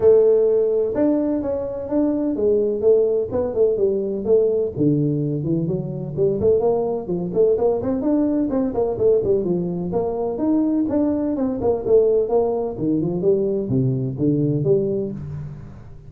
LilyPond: \new Staff \with { instrumentName = "tuba" } { \time 4/4 \tempo 4 = 127 a2 d'4 cis'4 | d'4 gis4 a4 b8 a8 | g4 a4 d4. e8 | fis4 g8 a8 ais4 f8 a8 |
ais8 c'8 d'4 c'8 ais8 a8 g8 | f4 ais4 dis'4 d'4 | c'8 ais8 a4 ais4 dis8 f8 | g4 c4 d4 g4 | }